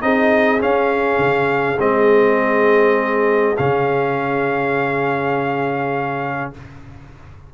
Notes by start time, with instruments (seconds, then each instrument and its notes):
0.00 tuba C4, trombone D#4, horn G#4, trumpet D#5
0.60 trombone C#4, tuba C#4, trumpet F5
1.18 tuba C#3
1.79 tuba G#3, trombone C4, trumpet D#5
3.57 tuba C#3, trombone C#4, trumpet F5